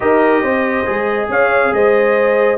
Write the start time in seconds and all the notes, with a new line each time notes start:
0.00 D#4 G4 A#4 D#5
0.42 C4 C5
0.85 G#3 G#4
1.28 C#4 C#5 F5
1.72 G#3 C5 D#5